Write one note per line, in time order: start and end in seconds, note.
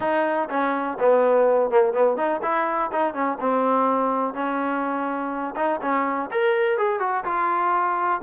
0.00 0.48 D#4
0.49 0.98 C#4
0.99 1.70 B3
1.70 1.93 A#3
1.93 2.16 B3
2.16 2.41 D#4
2.42 2.90 E4
2.92 3.13 D#4
3.13 3.38 C#4
3.40 4.34 C4
4.34 5.54 C#4
5.56 5.80 D#4
5.81 6.30 C#4
6.31 6.77 A#4
6.77 6.99 G#4
6.99 7.23 F#4
7.24 8.21 F4